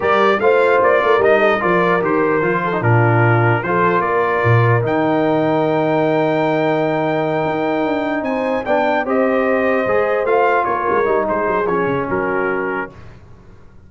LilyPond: <<
  \new Staff \with { instrumentName = "trumpet" } { \time 4/4 \tempo 4 = 149 d''4 f''4 d''4 dis''4 | d''4 c''2 ais'4~ | ais'4 c''4 d''2 | g''1~ |
g''1~ | g''8 gis''4 g''4 dis''4.~ | dis''4. f''4 cis''4. | c''4 cis''4 ais'2 | }
  \new Staff \with { instrumentName = "horn" } { \time 4/4 ais'4 c''4. ais'4 a'8 | ais'2~ ais'8 a'8 f'4~ | f'4 a'4 ais'2~ | ais'1~ |
ais'1~ | ais'8 c''4 d''4 c''4.~ | c''2~ c''8 ais'4. | gis'2 fis'2 | }
  \new Staff \with { instrumentName = "trombone" } { \time 4/4 g'4 f'2 dis'4 | f'4 g'4 f'8. dis'16 d'4~ | d'4 f'2. | dis'1~ |
dis'1~ | dis'4. d'4 g'4.~ | g'8 gis'4 f'2 dis'8~ | dis'4 cis'2. | }
  \new Staff \with { instrumentName = "tuba" } { \time 4/4 g4 a4 ais8 a8 g4 | f4 dis4 f4 ais,4~ | ais,4 f4 ais4 ais,4 | dis1~ |
dis2~ dis8 dis'4 d'8~ | d'8 c'4 b4 c'4.~ | c'8 gis4 a4 ais8 gis8 g8 | gis8 fis8 f8 cis8 fis2 | }
>>